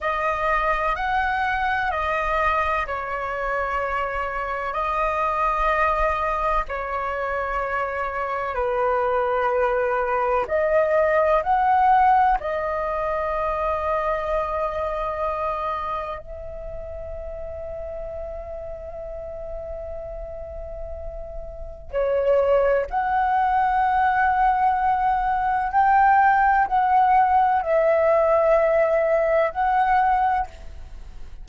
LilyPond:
\new Staff \with { instrumentName = "flute" } { \time 4/4 \tempo 4 = 63 dis''4 fis''4 dis''4 cis''4~ | cis''4 dis''2 cis''4~ | cis''4 b'2 dis''4 | fis''4 dis''2.~ |
dis''4 e''2.~ | e''2. cis''4 | fis''2. g''4 | fis''4 e''2 fis''4 | }